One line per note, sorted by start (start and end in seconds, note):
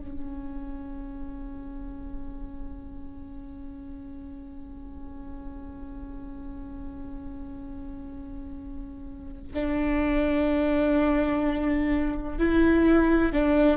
0.00 9.52 C#4
9.53 12.38 D4
12.38 13.32 E4
13.32 13.77 D4